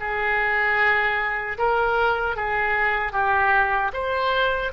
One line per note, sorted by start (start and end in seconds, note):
0.00 1.58 G#4
1.58 2.36 A#4
2.36 3.13 G#4
3.13 3.92 G4
3.93 4.72 C5